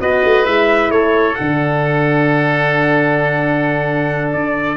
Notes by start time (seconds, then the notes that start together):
0.00 B3 F#4 B4 D#5
0.25 A3
0.45 G#3 E4 E5
0.90 A3 A4 C#5
1.35 D3 D4 F#5
4.32 D4 D5